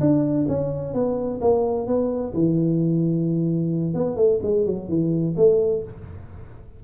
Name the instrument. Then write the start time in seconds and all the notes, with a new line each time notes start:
tuba
0.00 D4
0.48 C#4
0.93 B3
1.41 A#3
1.87 B3
2.33 E3
3.94 B3
4.16 A3
4.42 G#3
4.65 F#3
4.88 E3
5.36 A3